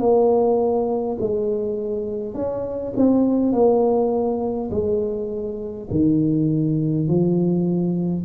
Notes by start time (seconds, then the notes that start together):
0.00 A#3
1.21 G#3
2.35 C#4
2.97 C4
3.52 A#3
4.71 G#3
5.91 D#3
7.08 F3